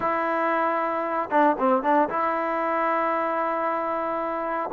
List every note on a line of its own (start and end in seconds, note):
0.00 1.29 E4
1.30 1.56 D4
1.58 1.82 C4
1.82 2.08 D4
2.09 4.70 E4